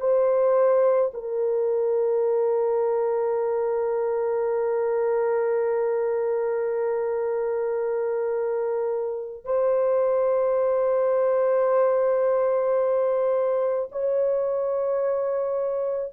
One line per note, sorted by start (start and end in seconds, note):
0.00 1.11 C5
1.14 9.44 A#4
9.44 13.89 C5
13.91 16.13 C#5